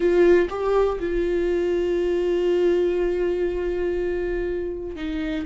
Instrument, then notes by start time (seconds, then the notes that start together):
viola
0.00 F4
0.49 G4
1.00 F4
4.95 D#4